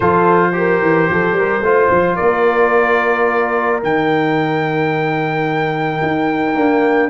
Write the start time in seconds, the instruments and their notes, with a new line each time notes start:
0.00 tuba F3, trombone F4, horn A4, trumpet C5
0.52 trombone G4, horn A#4
0.81 tuba E3
1.09 tuba F3, horn A4
1.32 tuba G3, horn A#4
1.61 tuba A3, trombone F4, horn C5
1.91 tuba F3
2.16 tuba A#3, horn A#4, trumpet D5
3.81 tuba D#3, trombone D#4, trumpet G5
6.02 tuba D#4
6.54 trombone A#3, tuba D4